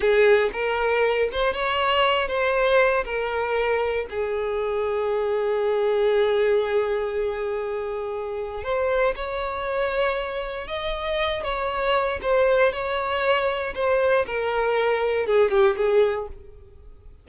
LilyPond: \new Staff \with { instrumentName = "violin" } { \time 4/4 \tempo 4 = 118 gis'4 ais'4. c''8 cis''4~ | cis''8 c''4. ais'2 | gis'1~ | gis'1~ |
gis'4 c''4 cis''2~ | cis''4 dis''4. cis''4. | c''4 cis''2 c''4 | ais'2 gis'8 g'8 gis'4 | }